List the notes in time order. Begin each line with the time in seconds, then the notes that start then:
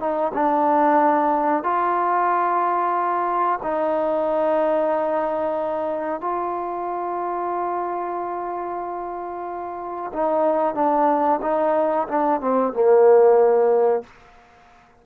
0.00 D#4
0.34 D4
1.64 F4
3.63 D#4
6.21 F4
10.14 D#4
10.75 D4
11.42 D#4
12.09 D4
12.41 C4
12.74 A#3